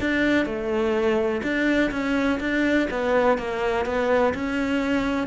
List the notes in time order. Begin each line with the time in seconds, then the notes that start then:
0.00 D4
0.45 A3
1.43 D4
1.91 C#4
2.40 D4
2.90 B3
3.38 A#3
3.85 B3
4.34 C#4